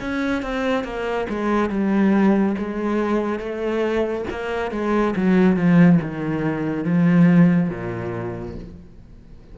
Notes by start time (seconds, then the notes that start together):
0.00 C#4
0.42 C4
0.84 A#3
1.29 G#3
1.69 G3
2.58 G#3
3.39 A3
4.30 A#3
4.71 G#3
5.16 F#3
5.56 F3
6.02 D#3
6.84 F3
7.69 A#2